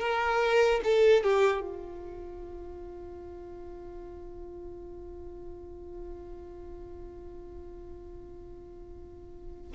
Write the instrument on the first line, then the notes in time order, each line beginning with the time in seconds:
violin
0.00 A#4
0.84 A4
1.24 G4
1.61 F4